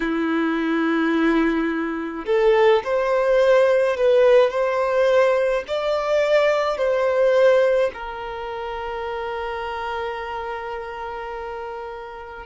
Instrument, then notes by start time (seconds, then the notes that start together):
violin
0.00 E4
2.26 A4
2.84 C5
3.96 B4
4.50 C5
5.67 D5
6.77 C5
7.93 A#4